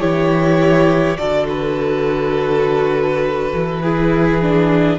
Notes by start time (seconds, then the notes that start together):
0.00 E3 E4 G4 C#5
1.17 D3 F#4 A4 D5
1.49 B4
3.53 E3
3.83 E4 G#4
4.42 D4